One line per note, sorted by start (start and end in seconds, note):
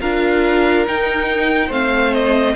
0.00 0.87 D4
0.00 0.86 F4
0.00 1.68 A#4
0.00 0.87 F5
0.86 1.71 D#4
0.86 1.70 D#4
0.86 1.72 G5
1.68 2.55 A3
1.68 2.56 C4
1.68 2.53 C5
1.68 2.14 F5
2.14 2.56 D#5